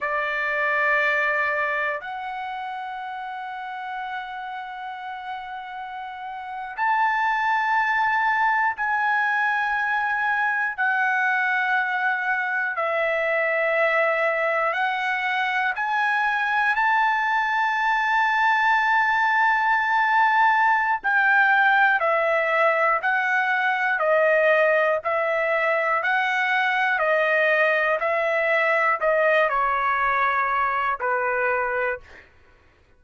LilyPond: \new Staff \with { instrumentName = "trumpet" } { \time 4/4 \tempo 4 = 60 d''2 fis''2~ | fis''2~ fis''8. a''4~ a''16~ | a''8. gis''2 fis''4~ fis''16~ | fis''8. e''2 fis''4 gis''16~ |
gis''8. a''2.~ a''16~ | a''4 g''4 e''4 fis''4 | dis''4 e''4 fis''4 dis''4 | e''4 dis''8 cis''4. b'4 | }